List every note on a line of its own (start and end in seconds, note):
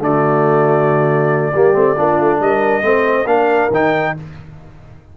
0.00 1.52 D3
0.00 1.52 A3
0.00 1.54 F#4
0.00 2.41 D5
1.54 1.75 G3
1.54 1.74 A#3
1.54 1.97 G4
1.74 1.97 A3
1.74 1.96 C4
1.97 2.20 A#3
1.97 2.82 D4
1.97 2.41 F4
2.20 2.40 A3
2.40 2.83 G3
2.40 2.85 A#4
2.40 3.27 D#5
2.82 3.26 A3
2.82 3.26 C4
2.82 3.28 C5
3.26 3.69 A#3
3.26 3.71 D4
3.26 4.15 A#4
3.26 3.71 F5
3.71 4.14 D#3
3.71 4.17 D#4
3.71 4.17 G5